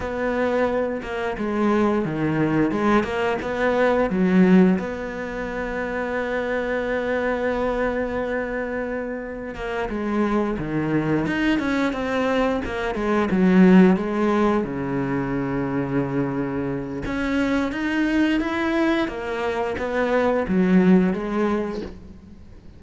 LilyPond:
\new Staff \with { instrumentName = "cello" } { \time 4/4 \tempo 4 = 88 b4. ais8 gis4 dis4 | gis8 ais8 b4 fis4 b4~ | b1~ | b2 ais8 gis4 dis8~ |
dis8 dis'8 cis'8 c'4 ais8 gis8 fis8~ | fis8 gis4 cis2~ cis8~ | cis4 cis'4 dis'4 e'4 | ais4 b4 fis4 gis4 | }